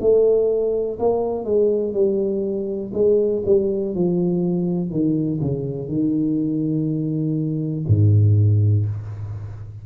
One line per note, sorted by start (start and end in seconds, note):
0.00 0.98 A3
0.99 1.44 A#3
1.44 1.94 G#3
1.94 2.92 G3
2.93 3.42 G#3
3.45 3.94 G3
3.94 4.90 F3
4.90 5.39 D#3
5.41 5.88 C#3
5.88 7.85 D#3
7.87 8.86 G#2